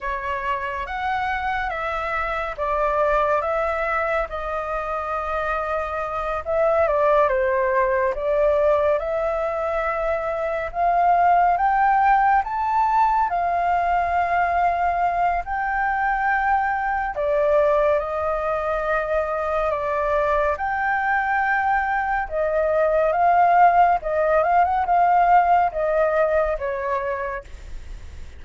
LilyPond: \new Staff \with { instrumentName = "flute" } { \time 4/4 \tempo 4 = 70 cis''4 fis''4 e''4 d''4 | e''4 dis''2~ dis''8 e''8 | d''8 c''4 d''4 e''4.~ | e''8 f''4 g''4 a''4 f''8~ |
f''2 g''2 | d''4 dis''2 d''4 | g''2 dis''4 f''4 | dis''8 f''16 fis''16 f''4 dis''4 cis''4 | }